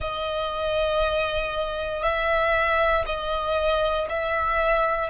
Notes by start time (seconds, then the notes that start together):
0.00 D#5
2.03 E5
3.06 D#5
4.09 E5